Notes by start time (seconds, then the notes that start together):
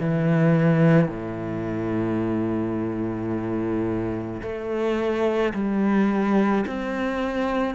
0.00 E3
1.09 A2
4.42 A3
5.55 G3
6.67 C4